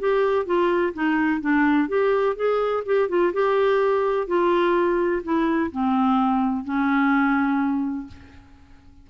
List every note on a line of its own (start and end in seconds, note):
0.00 0.46 G4
0.46 0.94 F4
0.94 1.41 D#4
1.41 1.89 D4
1.89 2.36 G4
2.36 2.84 G#4
2.86 3.09 G4
3.09 3.33 F4
3.34 4.28 G4
4.28 5.23 F4
5.24 5.71 E4
5.72 6.65 C4
6.65 8.08 C#4